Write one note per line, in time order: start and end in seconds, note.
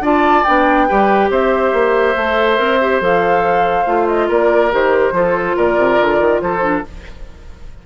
0.00 0.43 D4
0.00 0.45 F4
0.00 0.87 D5
0.00 0.44 A5
0.44 0.90 B3
0.44 0.88 D4
0.44 1.29 G5
0.88 1.30 G3
0.88 2.16 G4
0.88 1.31 B4
1.30 1.73 C4
1.30 4.28 C5
1.30 3.02 E5
1.73 2.16 A#3
2.16 2.59 A3
2.16 2.57 A4
2.57 3.00 C4
2.57 2.78 A#4
2.81 3.01 G4
3.00 3.85 F3
3.00 3.86 A4
3.00 4.08 F5
3.86 4.29 A3
3.86 4.71 F4
4.08 4.29 D#5
4.28 4.72 A#3
4.28 5.13 A#4
4.28 4.73 D5
4.71 5.12 D#3
4.71 5.13 G4
4.71 5.57 C5
5.12 5.54 F3
5.12 6.61 F4
5.12 5.57 A4
5.57 5.78 A#2
5.57 6.42 A#4
5.57 6.41 D5
5.78 5.99 C3
6.00 6.20 D3
6.20 6.41 D#3
6.41 6.84 F3
6.41 6.86 A4
6.41 6.84 C5
6.61 6.83 D4